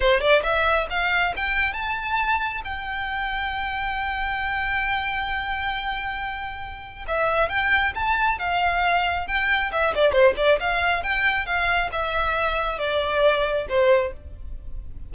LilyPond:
\new Staff \with { instrumentName = "violin" } { \time 4/4 \tempo 4 = 136 c''8 d''8 e''4 f''4 g''4 | a''2 g''2~ | g''1~ | g''1 |
e''4 g''4 a''4 f''4~ | f''4 g''4 e''8 d''8 c''8 d''8 | f''4 g''4 f''4 e''4~ | e''4 d''2 c''4 | }